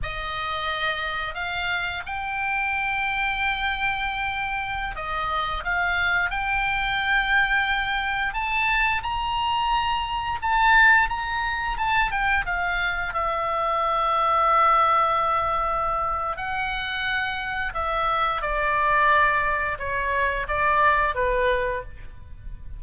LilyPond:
\new Staff \with { instrumentName = "oboe" } { \time 4/4 \tempo 4 = 88 dis''2 f''4 g''4~ | g''2.~ g''16 dis''8.~ | dis''16 f''4 g''2~ g''8.~ | g''16 a''4 ais''2 a''8.~ |
a''16 ais''4 a''8 g''8 f''4 e''8.~ | e''1 | fis''2 e''4 d''4~ | d''4 cis''4 d''4 b'4 | }